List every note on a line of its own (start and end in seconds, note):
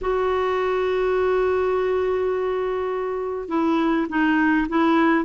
0.01 3.48 F#4
3.48 4.06 E4
4.09 4.67 D#4
4.68 5.25 E4